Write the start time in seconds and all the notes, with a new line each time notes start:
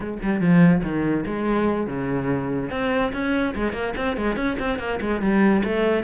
0.00 G#3
0.22 G3
0.40 F3
0.83 D#3
1.26 G#3
1.87 C#3
2.70 C4
3.12 C#4
3.55 G#3
3.72 A#3
3.96 C4
4.17 G#3
4.35 C#4
4.59 C4
4.78 A#3
5.00 G#3
5.21 G3
5.64 A3